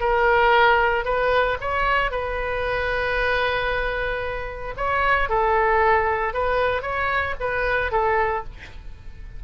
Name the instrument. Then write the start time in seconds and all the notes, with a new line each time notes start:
oboe
0.00 A#4
1.05 B4
1.61 C#5
2.11 B4
4.77 C#5
5.29 A4
6.33 B4
6.82 C#5
7.40 B4
7.91 A4